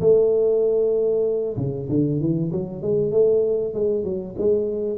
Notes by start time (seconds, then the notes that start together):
0.00 A3
1.57 C#3
1.89 D3
2.20 E3
2.52 F#3
2.82 G#3
3.11 A3
3.74 G#3
4.04 F#3
4.38 G#3